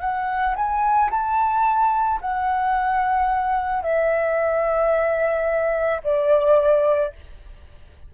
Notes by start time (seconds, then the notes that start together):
0.00 F#5
0.56 G#5
1.11 A5
2.21 F#5
3.82 E5
6.03 D5